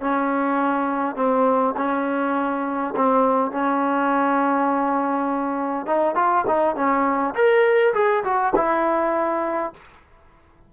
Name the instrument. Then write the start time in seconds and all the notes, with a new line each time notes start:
trombone
0.00 C#4
1.15 C4
1.76 C#4
2.95 C4
3.51 C#4
5.86 D#4
6.15 F4
6.47 D#4
6.75 C#4
7.34 A#4
7.94 G#4
8.24 F#4
8.55 E4